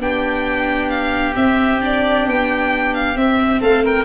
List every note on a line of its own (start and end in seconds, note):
0.00 1.35 B3
0.00 1.34 D4
0.00 3.61 G4
0.00 0.90 G5
0.90 1.35 F5
1.34 1.79 C4
1.34 2.27 C4
1.34 1.81 E5
1.81 3.16 D4
1.81 2.29 D5
2.27 3.16 B3
2.27 2.95 G5
2.95 3.17 F5
3.16 4.05 C4
3.16 3.61 C4
3.16 3.62 E5
3.61 4.05 A3
3.61 3.83 A4
3.61 3.85 F5
3.85 4.05 A#4
3.85 4.05 G5